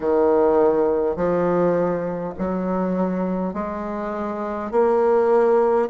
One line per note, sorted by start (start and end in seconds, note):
0.00 1.16 D#3
1.16 2.33 F3
2.38 3.53 F#3
3.53 4.71 G#3
4.71 5.88 A#3